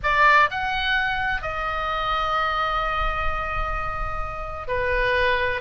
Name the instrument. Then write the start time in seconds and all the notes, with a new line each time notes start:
oboe
0.03 D5
0.50 F#5
1.41 D#5
4.67 B4